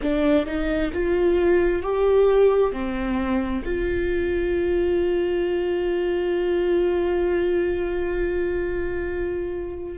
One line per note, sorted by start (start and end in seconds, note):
0.02 0.45 D4
0.45 0.91 D#4
0.93 1.82 F4
1.82 2.72 G4
2.72 3.63 C4
3.64 9.98 F4